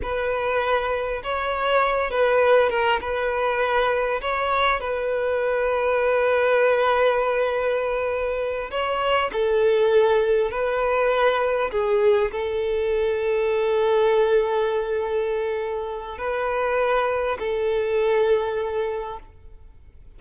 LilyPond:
\new Staff \with { instrumentName = "violin" } { \time 4/4 \tempo 4 = 100 b'2 cis''4. b'8~ | b'8 ais'8 b'2 cis''4 | b'1~ | b'2~ b'8 cis''4 a'8~ |
a'4. b'2 gis'8~ | gis'8 a'2.~ a'8~ | a'2. b'4~ | b'4 a'2. | }